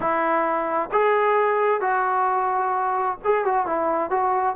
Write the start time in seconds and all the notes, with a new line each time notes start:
0.00 E4
0.92 G#4
1.80 F#4
3.24 G#4
3.44 F#4
3.66 E4
4.10 F#4